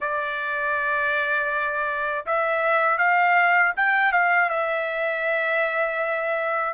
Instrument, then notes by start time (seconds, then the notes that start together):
trumpet
0.00 D5
2.26 E5
2.98 F5
3.76 G5
4.12 F5
4.49 E5